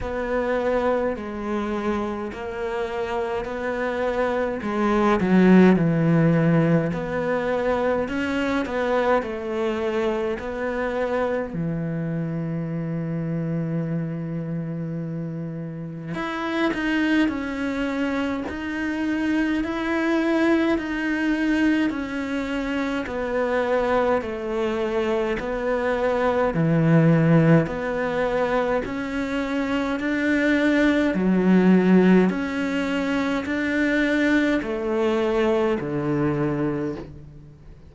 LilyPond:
\new Staff \with { instrumentName = "cello" } { \time 4/4 \tempo 4 = 52 b4 gis4 ais4 b4 | gis8 fis8 e4 b4 cis'8 b8 | a4 b4 e2~ | e2 e'8 dis'8 cis'4 |
dis'4 e'4 dis'4 cis'4 | b4 a4 b4 e4 | b4 cis'4 d'4 fis4 | cis'4 d'4 a4 d4 | }